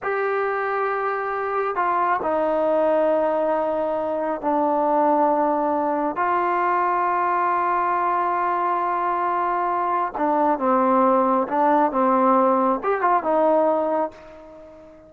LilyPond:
\new Staff \with { instrumentName = "trombone" } { \time 4/4 \tempo 4 = 136 g'1 | f'4 dis'2.~ | dis'2 d'2~ | d'2 f'2~ |
f'1~ | f'2. d'4 | c'2 d'4 c'4~ | c'4 g'8 f'8 dis'2 | }